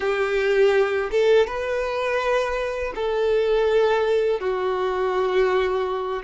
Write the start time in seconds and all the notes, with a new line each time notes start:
0.00 G4
1.11 A4
1.46 B4
2.95 A4
4.39 F#4